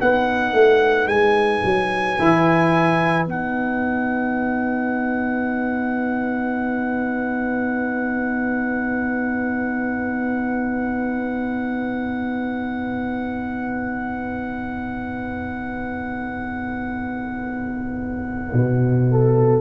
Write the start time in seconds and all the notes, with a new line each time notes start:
0.00 B3 D#4 B4 F#5
0.53 A3
1.07 G#3 G#5
1.64 F#3
2.19 E3 E4
3.25 B3 D#4 F#5
18.53 B2
19.10 A4